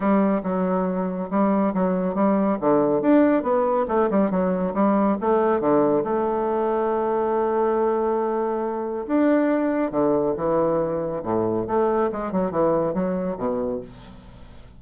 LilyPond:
\new Staff \with { instrumentName = "bassoon" } { \time 4/4 \tempo 4 = 139 g4 fis2 g4 | fis4 g4 d4 d'4 | b4 a8 g8 fis4 g4 | a4 d4 a2~ |
a1~ | a4 d'2 d4 | e2 a,4 a4 | gis8 fis8 e4 fis4 b,4 | }